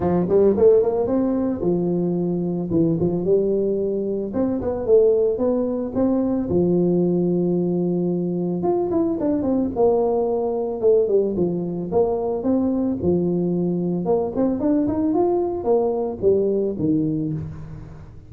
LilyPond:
\new Staff \with { instrumentName = "tuba" } { \time 4/4 \tempo 4 = 111 f8 g8 a8 ais8 c'4 f4~ | f4 e8 f8 g2 | c'8 b8 a4 b4 c'4 | f1 |
f'8 e'8 d'8 c'8 ais2 | a8 g8 f4 ais4 c'4 | f2 ais8 c'8 d'8 dis'8 | f'4 ais4 g4 dis4 | }